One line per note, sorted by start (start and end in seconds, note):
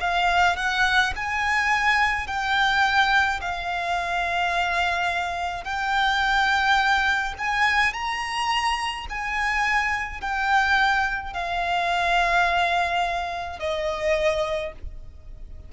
0.00 0.56 F5
0.56 1.13 F#5
1.15 2.26 G#5
2.26 3.40 G5
3.41 5.64 F5
5.64 7.34 G5
7.38 7.93 G#5
7.93 9.06 A#5
9.09 10.20 G#5
10.20 11.33 G5
11.33 13.59 F5
13.59 14.72 D#5